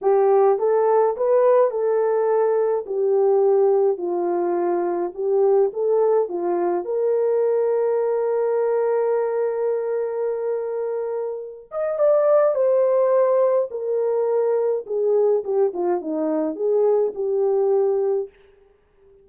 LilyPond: \new Staff \with { instrumentName = "horn" } { \time 4/4 \tempo 4 = 105 g'4 a'4 b'4 a'4~ | a'4 g'2 f'4~ | f'4 g'4 a'4 f'4 | ais'1~ |
ais'1~ | ais'8 dis''8 d''4 c''2 | ais'2 gis'4 g'8 f'8 | dis'4 gis'4 g'2 | }